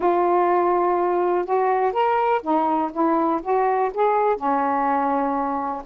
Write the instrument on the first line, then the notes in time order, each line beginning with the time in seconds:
saxophone
0.00 F4
1.45 F#4
1.92 A#4
2.42 D#4
2.92 E4
3.42 F#4
3.94 G#4
4.36 C#4